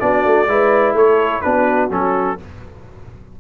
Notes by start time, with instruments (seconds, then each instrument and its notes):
0.00 tuba B3, trombone D4, horn F#4, trumpet D5
0.25 tuba A3
0.47 tuba G#3, trombone E4, horn B4
0.94 tuba A3, horn A4, trumpet C#5
1.42 tuba B3, trombone D4, horn F#4, trumpet B4
1.90 tuba F#3, trombone C#4, trumpet A4